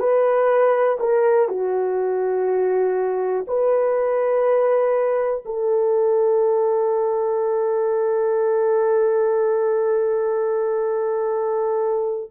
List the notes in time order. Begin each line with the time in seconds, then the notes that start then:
0.00 B4
1.00 A#4
1.49 F#4
3.47 B4
5.45 A4